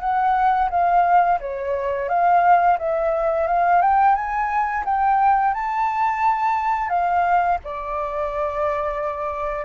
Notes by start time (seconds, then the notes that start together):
0.00 F#5
0.70 F5
1.40 C#5
2.09 F5
2.78 E5
3.47 F5
3.81 G5
4.15 G#5
4.85 G5
5.54 A5
6.89 F5
7.64 D5